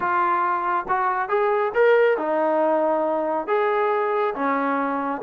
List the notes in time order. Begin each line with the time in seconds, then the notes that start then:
0.00 F4
0.88 F#4
1.28 G#4
1.74 A#4
2.17 D#4
3.47 G#4
4.34 C#4